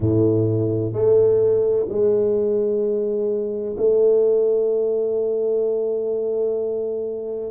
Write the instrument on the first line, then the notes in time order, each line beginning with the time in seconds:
tuba
0.00 A2
0.92 A3
1.88 G#3
3.77 A3